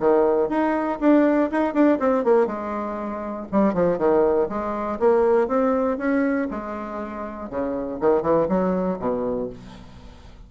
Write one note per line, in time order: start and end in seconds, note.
0.00 0.49 D#3
0.49 0.99 D#4
1.00 1.50 D4
1.52 1.74 D#4
1.74 1.99 D4
2.00 2.25 C4
2.25 2.47 A#3
2.47 3.47 G#3
3.52 3.74 G3
3.74 3.98 F3
3.98 4.48 D#3
4.49 4.99 G#3
5.00 5.48 A#3
5.48 5.98 C4
5.98 6.48 C#4
6.51 7.50 G#3
7.50 8.00 C#3
8.01 8.22 D#3
8.22 8.47 E3
8.49 8.99 F#3
9.00 9.50 B2